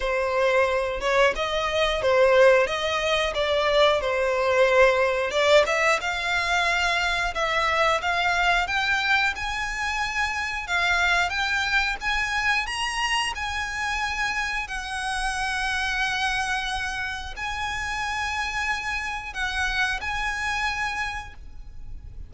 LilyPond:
\new Staff \with { instrumentName = "violin" } { \time 4/4 \tempo 4 = 90 c''4. cis''8 dis''4 c''4 | dis''4 d''4 c''2 | d''8 e''8 f''2 e''4 | f''4 g''4 gis''2 |
f''4 g''4 gis''4 ais''4 | gis''2 fis''2~ | fis''2 gis''2~ | gis''4 fis''4 gis''2 | }